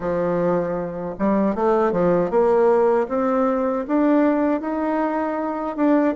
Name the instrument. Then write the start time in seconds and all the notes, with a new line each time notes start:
bassoon
0.00 F3
1.18 G3
1.55 A3
1.92 F3
2.30 A#3
3.08 C4
3.87 D4
4.60 D#4
5.76 D4